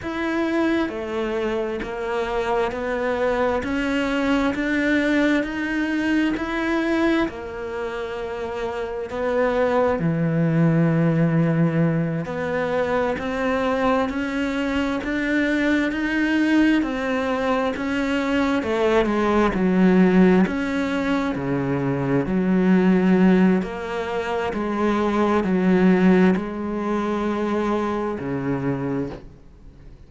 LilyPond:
\new Staff \with { instrumentName = "cello" } { \time 4/4 \tempo 4 = 66 e'4 a4 ais4 b4 | cis'4 d'4 dis'4 e'4 | ais2 b4 e4~ | e4. b4 c'4 cis'8~ |
cis'8 d'4 dis'4 c'4 cis'8~ | cis'8 a8 gis8 fis4 cis'4 cis8~ | cis8 fis4. ais4 gis4 | fis4 gis2 cis4 | }